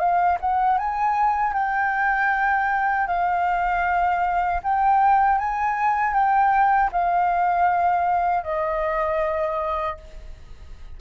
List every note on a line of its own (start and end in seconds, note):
0.00 0.38 F5
0.41 0.79 F#5
0.79 1.54 G#5
1.54 3.08 G5
3.08 4.62 F5
4.64 5.39 G5
5.39 6.14 G#5
6.14 6.91 G5
6.92 8.44 F5
8.44 9.98 D#5